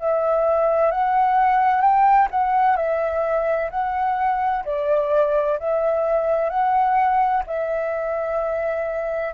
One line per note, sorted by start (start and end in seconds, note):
0.00 0.92 E5
0.92 1.82 F#5
1.82 2.28 G5
2.31 2.77 F#5
2.77 3.71 E5
3.71 4.65 F#5
4.65 5.59 D5
5.60 6.50 E5
6.50 7.44 F#5
7.47 9.35 E5